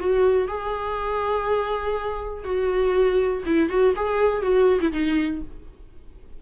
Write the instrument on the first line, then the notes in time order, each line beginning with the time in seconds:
viola
0.00 F#4
0.48 G#4
2.44 F#4
3.46 E4
3.69 F#4
3.96 G#4
4.42 F#4
4.81 E4
4.92 D#4